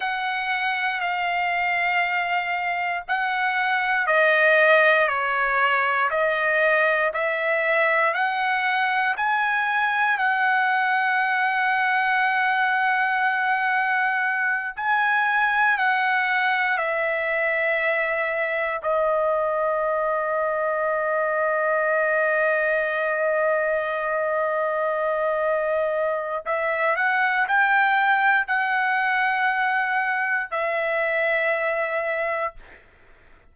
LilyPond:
\new Staff \with { instrumentName = "trumpet" } { \time 4/4 \tempo 4 = 59 fis''4 f''2 fis''4 | dis''4 cis''4 dis''4 e''4 | fis''4 gis''4 fis''2~ | fis''2~ fis''8 gis''4 fis''8~ |
fis''8 e''2 dis''4.~ | dis''1~ | dis''2 e''8 fis''8 g''4 | fis''2 e''2 | }